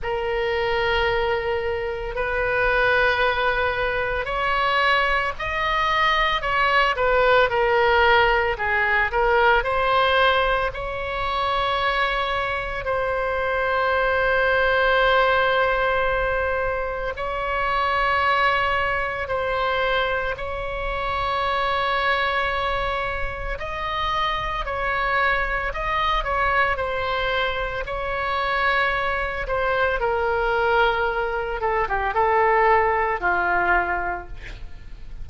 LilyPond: \new Staff \with { instrumentName = "oboe" } { \time 4/4 \tempo 4 = 56 ais'2 b'2 | cis''4 dis''4 cis''8 b'8 ais'4 | gis'8 ais'8 c''4 cis''2 | c''1 |
cis''2 c''4 cis''4~ | cis''2 dis''4 cis''4 | dis''8 cis''8 c''4 cis''4. c''8 | ais'4. a'16 g'16 a'4 f'4 | }